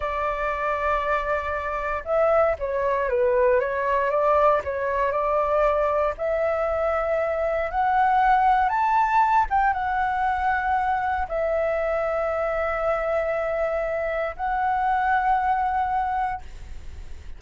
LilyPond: \new Staff \with { instrumentName = "flute" } { \time 4/4 \tempo 4 = 117 d''1 | e''4 cis''4 b'4 cis''4 | d''4 cis''4 d''2 | e''2. fis''4~ |
fis''4 a''4. g''8 fis''4~ | fis''2 e''2~ | e''1 | fis''1 | }